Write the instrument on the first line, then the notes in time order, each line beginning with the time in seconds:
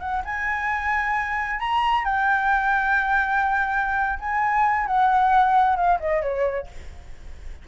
flute
0.00 F#5
0.25 G#5
1.60 A#5
2.05 G5
4.20 G#5
4.87 F#5
5.76 F5
6.00 D#5
6.22 C#5